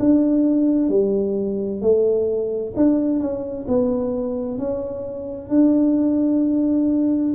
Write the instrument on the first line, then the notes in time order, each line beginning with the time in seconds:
tuba
0.00 D4
0.89 G3
1.82 A3
2.77 D4
3.20 C#4
3.68 B3
4.58 C#4
5.49 D4